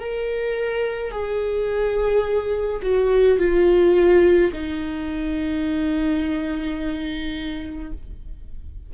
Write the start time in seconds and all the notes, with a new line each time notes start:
0.00 A#4
1.12 G#4
2.83 F#4
3.39 F4
4.53 D#4